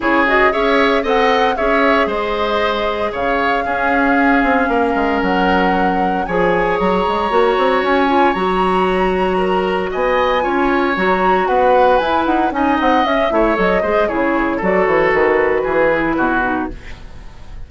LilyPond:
<<
  \new Staff \with { instrumentName = "flute" } { \time 4/4 \tempo 4 = 115 cis''8 dis''8 e''4 fis''4 e''4 | dis''2 f''2~ | f''2 fis''2 | gis''4 ais''2 gis''4 |
ais''2. gis''4~ | gis''4 ais''4 fis''4 gis''8 fis''8 | gis''8 fis''8 e''4 dis''4 cis''4 | d''8 cis''8 b'2. | }
  \new Staff \with { instrumentName = "oboe" } { \time 4/4 gis'4 cis''4 dis''4 cis''4 | c''2 cis''4 gis'4~ | gis'4 ais'2. | cis''1~ |
cis''2 ais'4 dis''4 | cis''2 b'2 | dis''4. cis''4 c''8 gis'4 | a'2 gis'4 fis'4 | }
  \new Staff \with { instrumentName = "clarinet" } { \time 4/4 e'8 fis'8 gis'4 a'4 gis'4~ | gis'2. cis'4~ | cis'1 | gis'2 fis'4. f'8 |
fis'1 | f'4 fis'2 e'4 | dis'4 cis'8 e'8 a'8 gis'8 e'4 | fis'2~ fis'8 e'4 dis'8 | }
  \new Staff \with { instrumentName = "bassoon" } { \time 4/4 cis4 cis'4 c'4 cis'4 | gis2 cis4 cis'4~ | cis'8 c'8 ais8 gis8 fis2 | f4 fis8 gis8 ais8 c'8 cis'4 |
fis2. b4 | cis'4 fis4 b4 e'8 dis'8 | cis'8 c'8 cis'8 a8 fis8 gis8 cis4 | fis8 e8 dis4 e4 b,4 | }
>>